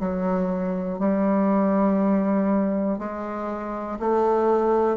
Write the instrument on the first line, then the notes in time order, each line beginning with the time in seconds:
bassoon
0.00 F#3
1.00 G3
2.99 G#3
4.00 A3